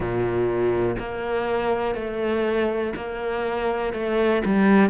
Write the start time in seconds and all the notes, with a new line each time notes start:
0.00 A#2
0.99 A#3
1.94 A3
2.96 A#3
3.93 A3
4.45 G3